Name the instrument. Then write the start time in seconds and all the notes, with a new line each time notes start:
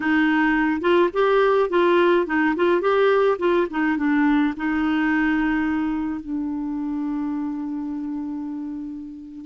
clarinet
0.00 D#4
0.81 F4
1.13 G4
1.69 F4
2.26 D#4
2.55 F4
2.81 G4
3.38 F4
3.70 D#4
3.97 D4
4.56 D#4
6.20 D4